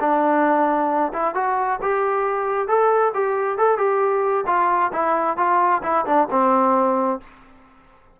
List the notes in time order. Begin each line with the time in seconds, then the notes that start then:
0.00 D4
1.13 E4
1.35 F#4
1.81 G4
2.67 A4
3.14 G4
3.58 A4
3.77 G4
4.47 F4
4.92 E4
5.37 F4
5.83 E4
6.06 D4
6.30 C4